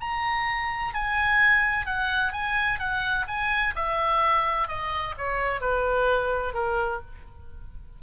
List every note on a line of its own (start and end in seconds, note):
0.00 0.94 A#5
0.94 1.86 G#5
1.86 2.32 F#5
2.32 2.79 G#5
2.79 3.26 F#5
3.27 3.74 G#5
3.75 4.68 E5
4.68 5.15 D#5
5.17 5.60 C#5
5.60 6.53 B4
6.53 7.00 A#4